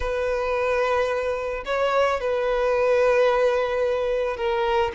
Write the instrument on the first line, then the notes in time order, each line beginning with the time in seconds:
violin
0.00 B4
1.65 C#5
2.20 B4
4.37 A#4